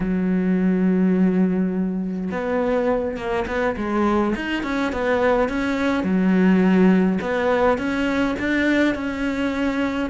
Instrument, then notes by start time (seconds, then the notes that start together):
cello
0.00 F#3
2.31 B3
3.17 A#3
3.47 B3
3.76 G#3
4.35 D#4
4.63 C#4
4.92 B3
5.48 C#4
6.03 F#3
7.21 B3
7.78 C#4
8.39 D4
8.94 C#4